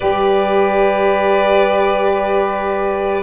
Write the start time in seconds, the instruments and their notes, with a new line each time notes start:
0.00 tuba G3, saxophone G4, violin B4 D5